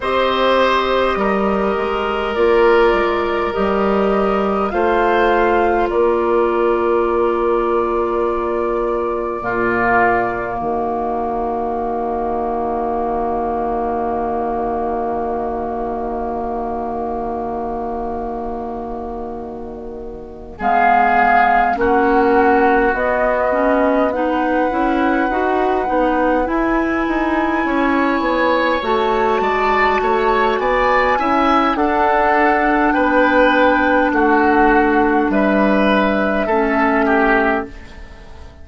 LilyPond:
<<
  \new Staff \with { instrumentName = "flute" } { \time 4/4 \tempo 4 = 51 dis''2 d''4 dis''4 | f''4 d''2.~ | d''4 dis''2.~ | dis''1~ |
dis''4. f''4 fis''4 dis''8~ | dis''8 fis''2 gis''4.~ | gis''8 a''4. gis''4 fis''4 | g''4 fis''4 e''2 | }
  \new Staff \with { instrumentName = "oboe" } { \time 4/4 c''4 ais'2. | c''4 ais'2. | f'4 fis'2.~ | fis'1~ |
fis'4. gis'4 fis'4.~ | fis'8 b'2. cis''8~ | cis''4 d''8 cis''8 d''8 e''8 a'4 | b'4 fis'4 b'4 a'8 g'8 | }
  \new Staff \with { instrumentName = "clarinet" } { \time 4/4 g'2 f'4 g'4 | f'1 | ais1~ | ais1~ |
ais4. b4 cis'4 b8 | cis'8 dis'8 e'8 fis'8 dis'8 e'4.~ | e'8 fis'2 e'8 d'4~ | d'2. cis'4 | }
  \new Staff \with { instrumentName = "bassoon" } { \time 4/4 c'4 g8 gis8 ais8 gis8 g4 | a4 ais2. | ais,4 dis2.~ | dis1~ |
dis4. gis4 ais4 b8~ | b4 cis'8 dis'8 b8 e'8 dis'8 cis'8 | b8 a8 gis8 a8 b8 cis'8 d'4 | b4 a4 g4 a4 | }
>>